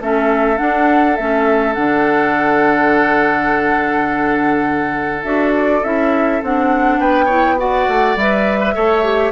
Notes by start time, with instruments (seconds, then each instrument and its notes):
0.00 bassoon A3, clarinet C#4, oboe A4, flute E5
0.57 clarinet D4, bassoon D4, flute F#5
1.16 bassoon A3, clarinet C#4, flute E5
1.74 bassoon D3, clarinet D4, flute F#5
5.23 bassoon D4, clarinet F#4, flute E5
5.56 flute D5
5.83 bassoon C#4, clarinet E4, flute E5
6.42 bassoon C4, clarinet D4, flute F#5
6.99 bassoon B3, oboe B4, flute G5
7.25 clarinet E4, oboe C#5
7.57 clarinet F#4, oboe D5, flute F#5
7.88 bassoon A3
8.16 bassoon G3, clarinet B4, flute E5
8.59 oboe B4
8.74 bassoon A3, clarinet A4, oboe C#5
9.03 clarinet G4